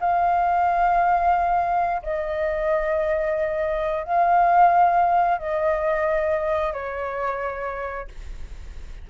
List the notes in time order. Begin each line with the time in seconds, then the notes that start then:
0.00 F5
2.03 D#5
4.04 F5
5.38 D#5
6.73 C#5